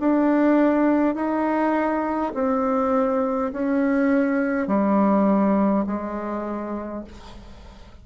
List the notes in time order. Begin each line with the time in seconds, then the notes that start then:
0.00 D4
1.16 D#4
2.34 C4
3.53 C#4
4.68 G3
5.87 G#3